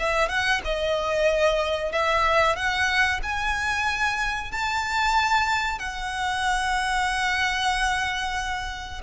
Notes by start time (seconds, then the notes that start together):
0.00 E5
0.29 F#5
0.65 D#5
1.93 E5
2.56 F#5
3.23 G#5
4.52 A5
5.79 F#5